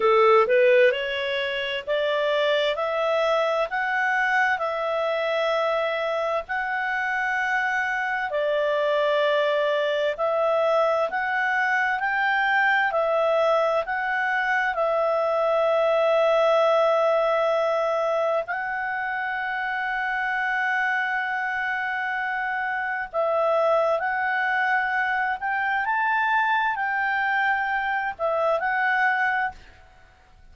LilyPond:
\new Staff \with { instrumentName = "clarinet" } { \time 4/4 \tempo 4 = 65 a'8 b'8 cis''4 d''4 e''4 | fis''4 e''2 fis''4~ | fis''4 d''2 e''4 | fis''4 g''4 e''4 fis''4 |
e''1 | fis''1~ | fis''4 e''4 fis''4. g''8 | a''4 g''4. e''8 fis''4 | }